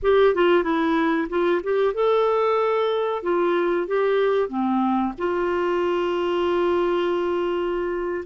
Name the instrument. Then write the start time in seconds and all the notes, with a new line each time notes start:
clarinet
0.02 G4
0.35 F4
0.63 E4
1.29 F4
1.63 G4
1.94 A4
3.23 F4
3.87 G4
4.48 C4
5.18 F4